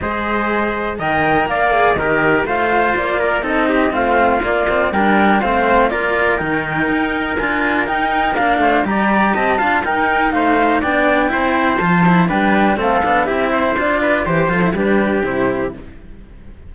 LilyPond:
<<
  \new Staff \with { instrumentName = "flute" } { \time 4/4 \tempo 4 = 122 dis''2 g''4 f''4 | dis''4 f''4 d''4 dis''4 | f''4 d''4 g''4 f''4 | d''4 g''2 gis''4 |
g''4 f''4 ais''4 a''4 | g''4 f''4 g''2 | a''4 g''4 f''4 e''4 | d''4 c''8 a'8 b'4 c''4 | }
  \new Staff \with { instrumentName = "trumpet" } { \time 4/4 c''2 dis''4 d''4 | ais'4 c''4. ais'8 a'8 g'8 | f'2 ais'4 c''4 | ais'1~ |
ais'4. c''8 d''4 dis''8 f''8 | ais'4 c''4 d''4 c''4~ | c''4 b'4 a'4 g'8 c''8~ | c''8 b'8 c''4 g'2 | }
  \new Staff \with { instrumentName = "cello" } { \time 4/4 gis'2 ais'4. gis'8 | g'4 f'2 dis'4 | c'4 ais8 c'8 d'4 c'4 | f'4 dis'2 f'4 |
dis'4 d'4 g'4. f'8 | dis'2 d'4 e'4 | f'8 e'8 d'4 c'8 d'8 e'4 | f'4 g'8 f'16 e'16 d'4 e'4 | }
  \new Staff \with { instrumentName = "cello" } { \time 4/4 gis2 dis4 ais4 | dis4 a4 ais4 c'4 | a4 ais4 g4 a4 | ais4 dis4 dis'4 d'4 |
dis'4 ais8 a8 g4 c'8 d'8 | dis'4 a4 b4 c'4 | f4 g4 a8 b8 c'4 | d'4 e8 f8 g4 c4 | }
>>